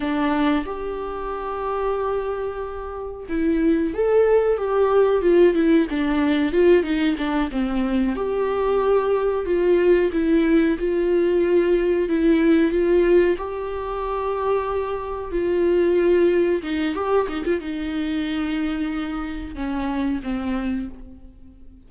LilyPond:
\new Staff \with { instrumentName = "viola" } { \time 4/4 \tempo 4 = 92 d'4 g'2.~ | g'4 e'4 a'4 g'4 | f'8 e'8 d'4 f'8 dis'8 d'8 c'8~ | c'8 g'2 f'4 e'8~ |
e'8 f'2 e'4 f'8~ | f'8 g'2. f'8~ | f'4. dis'8 g'8 dis'16 f'16 dis'4~ | dis'2 cis'4 c'4 | }